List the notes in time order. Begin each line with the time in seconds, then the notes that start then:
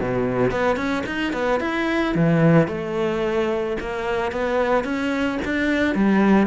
0.00 B2
0.51 B3
0.76 C#4
1.06 D#4
1.33 B3
1.60 E4
2.15 E3
2.68 A3
3.80 A#3
4.32 B3
4.84 C#4
5.45 D4
5.95 G3